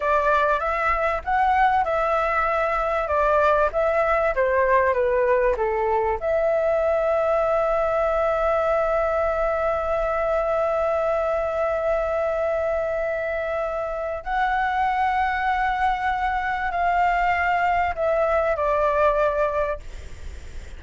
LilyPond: \new Staff \with { instrumentName = "flute" } { \time 4/4 \tempo 4 = 97 d''4 e''4 fis''4 e''4~ | e''4 d''4 e''4 c''4 | b'4 a'4 e''2~ | e''1~ |
e''1~ | e''2. fis''4~ | fis''2. f''4~ | f''4 e''4 d''2 | }